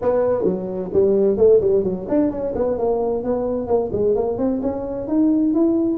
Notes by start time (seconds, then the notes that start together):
0.01 B3
0.44 F#3
0.93 G3
1.37 A3
1.60 G3
1.83 F#3
2.08 D4
2.30 C#4
2.55 B3
2.78 A#3
3.23 B3
3.67 A#3
3.92 G#3
4.15 A#3
4.38 C4
4.62 C#4
5.07 D#4
5.54 E4